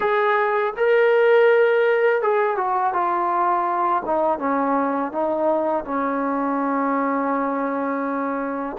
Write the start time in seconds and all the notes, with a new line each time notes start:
0.00 G#4
0.76 A#4
2.22 G#4
2.56 F#4
2.93 F4
4.05 D#4
4.38 C#4
5.12 D#4
5.84 C#4